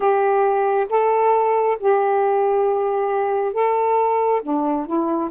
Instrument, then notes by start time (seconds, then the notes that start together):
saxophone
0.00 G4
0.89 A4
1.79 G4
3.53 A4
4.42 D4
4.86 E4